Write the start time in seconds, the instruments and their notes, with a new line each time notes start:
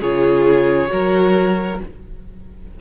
0.00 cello C#3, viola F4, violin G#4 C#5
0.88 cello F#3, viola F#4, violin A#4